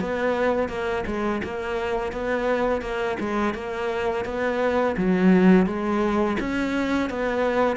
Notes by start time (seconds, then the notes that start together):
0.00 B3
0.69 A#3
1.07 G#3
1.44 A#3
2.12 B3
2.81 A#3
3.20 G#3
3.54 A#3
4.25 B3
4.97 F#3
5.66 G#3
6.40 C#4
7.10 B3